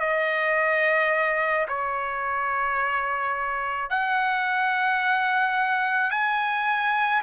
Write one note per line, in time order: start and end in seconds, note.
0.00 1.67 D#5
1.68 3.89 C#5
3.89 6.11 F#5
6.11 7.22 G#5